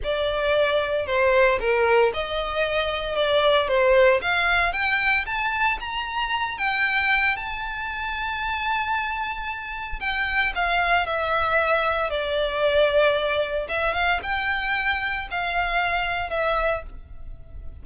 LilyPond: \new Staff \with { instrumentName = "violin" } { \time 4/4 \tempo 4 = 114 d''2 c''4 ais'4 | dis''2 d''4 c''4 | f''4 g''4 a''4 ais''4~ | ais''8 g''4. a''2~ |
a''2. g''4 | f''4 e''2 d''4~ | d''2 e''8 f''8 g''4~ | g''4 f''2 e''4 | }